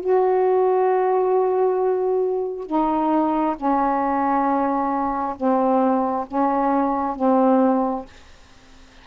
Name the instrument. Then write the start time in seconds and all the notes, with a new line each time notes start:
saxophone
0.00 F#4
2.66 D#4
3.56 C#4
5.36 C4
6.27 C#4
7.16 C4